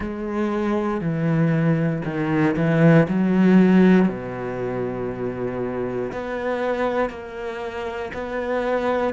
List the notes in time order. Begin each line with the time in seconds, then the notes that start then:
0.00 G#3
1.00 E3
2.04 D#3
2.56 E3
3.08 F#3
4.08 B2
6.12 B3
7.09 A#3
8.14 B3